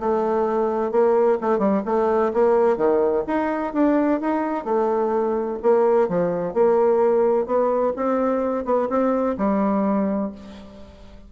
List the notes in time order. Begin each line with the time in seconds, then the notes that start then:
0.00 A3
0.92 A#3
1.41 A3
1.59 G3
1.86 A3
2.34 A#3
2.77 D#3
3.27 D#4
3.74 D4
4.21 D#4
4.65 A3
5.63 A#3
6.09 F3
6.54 A#3
7.47 B3
7.97 C4
8.65 B3
8.90 C4
9.38 G3